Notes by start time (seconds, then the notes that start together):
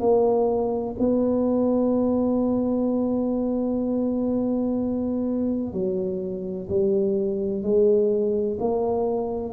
0.00 A#3
1.00 B3
5.73 F#3
6.70 G3
7.63 G#3
8.61 A#3